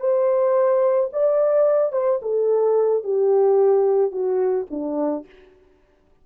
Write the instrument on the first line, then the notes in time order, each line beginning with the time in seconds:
horn
0.00 C5
1.13 D5
1.93 C5
2.22 A4
3.04 G4
4.12 F#4
4.70 D4